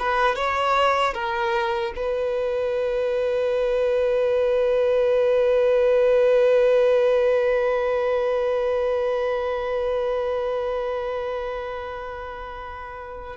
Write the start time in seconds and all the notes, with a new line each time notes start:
0.00 B4
0.36 C#5
1.14 A#4
1.96 B4